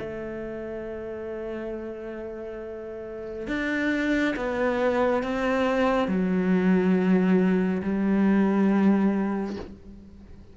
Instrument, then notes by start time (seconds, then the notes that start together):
cello
0.00 A3
3.48 D4
4.37 B3
5.23 C4
6.08 F#3
7.83 G3